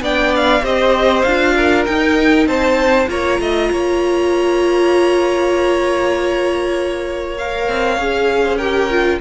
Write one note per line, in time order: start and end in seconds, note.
0.00 0.61 B3
0.00 0.62 D4
0.00 0.62 D5
0.00 0.35 G5
0.35 0.65 F5
0.62 1.24 C4
0.62 1.23 G4
0.62 1.54 C5
0.62 1.22 D#5
1.22 1.86 D4
1.22 1.88 F4
1.22 1.83 F5
1.56 2.48 A#4
1.85 2.46 D#4
1.85 3.07 D#4
1.85 2.46 G5
2.46 3.07 C4
2.46 3.09 C5
2.46 3.08 A5
3.07 3.39 A#3
3.07 7.36 F4
3.07 3.40 C#5
3.07 7.37 A#5
3.39 3.70 A3
3.39 3.71 D#5
3.71 7.68 A#3
3.71 8.44 C#5
7.37 7.98 A#4
7.37 8.57 F5
7.68 7.97 C4
7.97 9.20 C#4
7.97 8.59 G#4
8.44 8.57 C5
8.57 8.90 G4
8.57 9.18 A#4
8.57 9.19 G5
8.90 9.20 F4